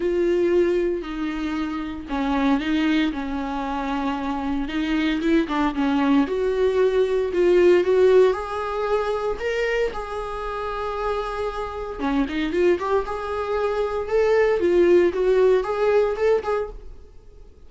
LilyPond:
\new Staff \with { instrumentName = "viola" } { \time 4/4 \tempo 4 = 115 f'2 dis'2 | cis'4 dis'4 cis'2~ | cis'4 dis'4 e'8 d'8 cis'4 | fis'2 f'4 fis'4 |
gis'2 ais'4 gis'4~ | gis'2. cis'8 dis'8 | f'8 g'8 gis'2 a'4 | f'4 fis'4 gis'4 a'8 gis'8 | }